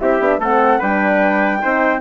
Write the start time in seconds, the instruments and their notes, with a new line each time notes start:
0.00 bassoon C4, horn E4, trumpet G4, flute E5
0.20 bassoon B3, horn D4
0.39 bassoon A3, horn C4, trumpet A4, flute F#5
0.79 bassoon G3, horn D4, trumpet B4, flute G5
1.61 bassoon C4, horn D#4, trumpet C5